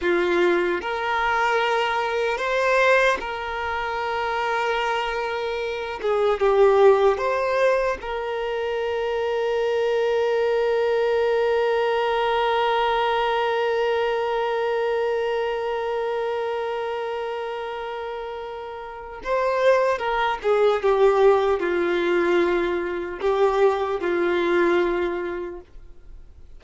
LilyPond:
\new Staff \with { instrumentName = "violin" } { \time 4/4 \tempo 4 = 75 f'4 ais'2 c''4 | ais'2.~ ais'8 gis'8 | g'4 c''4 ais'2~ | ais'1~ |
ais'1~ | ais'1 | c''4 ais'8 gis'8 g'4 f'4~ | f'4 g'4 f'2 | }